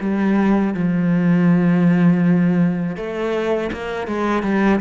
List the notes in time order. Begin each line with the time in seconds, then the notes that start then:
0.00 G3
0.74 F3
2.96 A3
3.72 A#3
4.07 G#3
4.42 G3